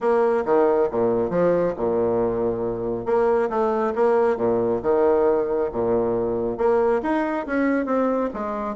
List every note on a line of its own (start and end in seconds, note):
0.00 0.44 A#3
0.45 0.88 D#3
0.91 1.29 A#2
1.29 1.73 F3
1.76 3.05 A#2
3.05 3.49 A#3
3.49 3.93 A3
3.95 4.37 A#3
4.37 4.80 A#2
4.82 5.70 D#3
5.72 6.57 A#2
6.57 7.01 A#3
7.02 7.46 D#4
7.46 7.85 C#4
7.85 8.29 C4
8.33 8.75 G#3